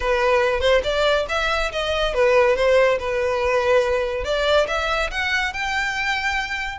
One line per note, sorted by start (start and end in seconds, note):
0.00 0.60 B4
0.60 0.81 C5
0.83 1.26 D5
1.28 1.71 E5
1.72 2.14 D#5
2.14 2.56 B4
2.56 2.98 C5
2.99 4.24 B4
4.24 4.67 D5
4.67 5.10 E5
5.10 5.53 F#5
5.53 6.79 G5